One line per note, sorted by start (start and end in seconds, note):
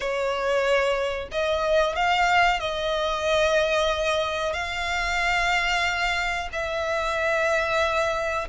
0.00 1.28 C#5
1.31 1.95 D#5
1.95 2.59 F5
2.59 4.53 D#5
4.53 6.48 F5
6.52 8.48 E5